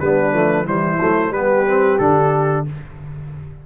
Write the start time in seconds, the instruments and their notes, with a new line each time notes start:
0.00 tuba G3, trombone B3, horn D4, trumpet B4
0.33 tuba F3, trombone A3
0.66 tuba E3, trombone G3, horn E4, trumpet C5
1.00 tuba F#3, trombone A3
1.31 tuba G3, trombone B3, horn G4, trumpet B4
1.67 trombone C4
1.99 tuba D3, trombone D4, trumpet A4